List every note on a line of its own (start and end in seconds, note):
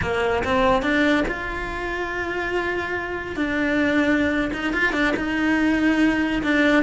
0.01 0.43 A#3
0.44 0.82 C4
0.82 1.24 D4
1.27 3.35 F4
3.35 4.51 D4
4.53 4.73 D#4
4.73 4.93 F4
4.93 5.14 D4
5.16 6.42 D#4
6.43 6.83 D4